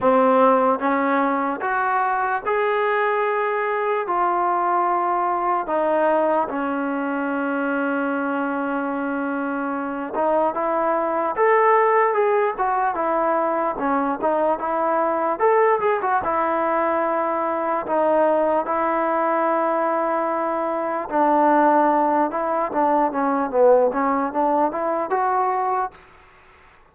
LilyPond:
\new Staff \with { instrumentName = "trombone" } { \time 4/4 \tempo 4 = 74 c'4 cis'4 fis'4 gis'4~ | gis'4 f'2 dis'4 | cis'1~ | cis'8 dis'8 e'4 a'4 gis'8 fis'8 |
e'4 cis'8 dis'8 e'4 a'8 gis'16 fis'16 | e'2 dis'4 e'4~ | e'2 d'4. e'8 | d'8 cis'8 b8 cis'8 d'8 e'8 fis'4 | }